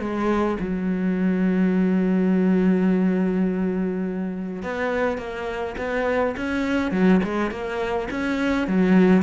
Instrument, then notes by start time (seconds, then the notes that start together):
cello
0.00 G#3
0.60 F#3
4.63 B3
5.18 A#3
5.78 B3
6.37 C#4
6.92 F#3
7.24 G#3
7.51 A#3
8.11 C#4
8.68 F#3